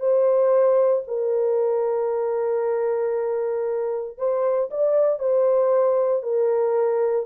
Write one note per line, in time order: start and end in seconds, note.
0.00 1.03 C5
1.08 4.18 A#4
4.18 4.70 C5
4.71 5.19 D5
5.19 6.23 C5
6.23 7.26 A#4